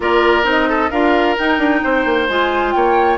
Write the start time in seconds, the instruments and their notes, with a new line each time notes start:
0.00 bassoon A#3, clarinet F4, oboe A#4, flute D5
0.43 bassoon C4, clarinet D#4, flute D#5
0.69 oboe A4
0.90 bassoon D4, clarinet F4, oboe A#4, flute F5
1.37 clarinet D#4, bassoon D#4, flute G5
1.58 bassoon D4
1.83 bassoon C4, oboe C5
2.05 bassoon A#3
2.28 bassoon G#3, clarinet F4, flute G#5
2.71 bassoon A#3, oboe C#5, flute G5